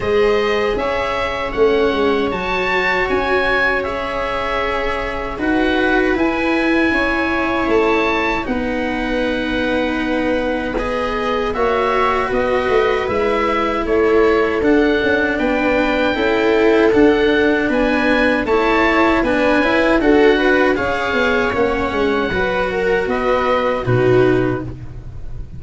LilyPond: <<
  \new Staff \with { instrumentName = "oboe" } { \time 4/4 \tempo 4 = 78 dis''4 e''4 fis''4 a''4 | gis''4 e''2 fis''4 | gis''2 a''4 fis''4~ | fis''2 dis''4 e''4 |
dis''4 e''4 cis''4 fis''4 | g''2 fis''4 gis''4 | a''4 gis''4 fis''4 f''4 | fis''2 dis''4 b'4 | }
  \new Staff \with { instrumentName = "viola" } { \time 4/4 c''4 cis''2.~ | cis''2. b'4~ | b'4 cis''2 b'4~ | b'2. cis''4 |
b'2 a'2 | b'4 a'2 b'4 | cis''4 b'4 a'8 b'8 cis''4~ | cis''4 b'8 ais'8 b'4 fis'4 | }
  \new Staff \with { instrumentName = "cello" } { \time 4/4 gis'2 cis'4 fis'4~ | fis'4 gis'2 fis'4 | e'2. dis'4~ | dis'2 gis'4 fis'4~ |
fis'4 e'2 d'4~ | d'4 e'4 d'2 | e'4 d'8 e'8 fis'4 gis'4 | cis'4 fis'2 dis'4 | }
  \new Staff \with { instrumentName = "tuba" } { \time 4/4 gis4 cis'4 a8 gis8 fis4 | cis'2. dis'4 | e'4 cis'4 a4 b4~ | b2. ais4 |
b8 a8 gis4 a4 d'8 cis'8 | b4 cis'4 d'4 b4 | a4 b8 cis'8 d'4 cis'8 b8 | ais8 gis8 fis4 b4 b,4 | }
>>